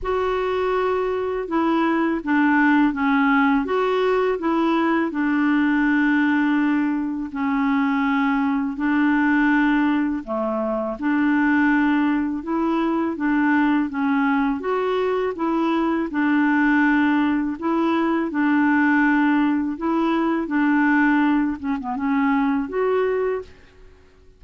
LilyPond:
\new Staff \with { instrumentName = "clarinet" } { \time 4/4 \tempo 4 = 82 fis'2 e'4 d'4 | cis'4 fis'4 e'4 d'4~ | d'2 cis'2 | d'2 a4 d'4~ |
d'4 e'4 d'4 cis'4 | fis'4 e'4 d'2 | e'4 d'2 e'4 | d'4. cis'16 b16 cis'4 fis'4 | }